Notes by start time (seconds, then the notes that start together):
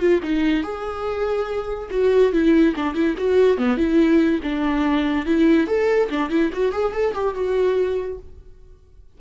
0.00 F4
0.23 D#4
0.64 G#4
1.91 F#4
2.33 E4
2.77 D4
2.95 E4
3.18 F#4
3.58 B3
3.78 E4
4.43 D4
5.26 E4
5.68 A4
6.10 D4
6.30 E4
6.53 F#4
6.72 G#4
6.93 A4
7.15 G4
7.35 F#4